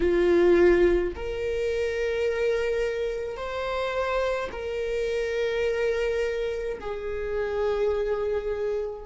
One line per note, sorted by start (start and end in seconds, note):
0.00 1.13 F4
1.15 3.37 A#4
3.37 4.50 C5
4.51 6.78 A#4
6.80 9.06 G#4